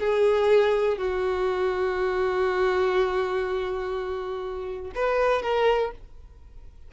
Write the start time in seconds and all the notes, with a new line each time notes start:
0.00 G#4
0.98 F#4
4.96 B4
5.43 A#4